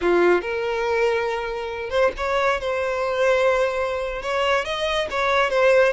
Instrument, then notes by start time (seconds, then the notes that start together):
violin
0.01 F4
0.41 A#4
1.90 C5
2.17 C#5
2.60 C5
4.21 C#5
4.64 D#5
5.10 C#5
5.50 C5